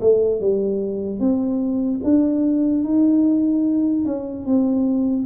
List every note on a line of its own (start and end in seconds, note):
0.00 0.40 A3
0.40 1.19 G3
1.19 2.00 C4
2.03 2.84 D4
2.84 4.05 D#4
4.05 4.45 C#4
4.45 5.26 C4